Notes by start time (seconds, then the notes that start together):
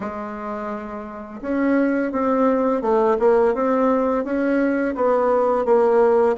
0.00 G#3
1.41 C#4
2.12 C4
2.81 A3
3.19 A#3
3.54 C4
4.24 C#4
4.95 B3
5.65 A#3